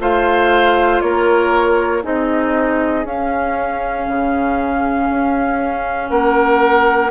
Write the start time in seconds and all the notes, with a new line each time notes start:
0.00 A3 F4 C5 F5
1.01 A#3 A#4 C#5
2.03 C4 D#4 G#4 D#5
3.05 C#4 F5
4.08 C#3
5.10 C#4
6.10 A#3 A#4 F#5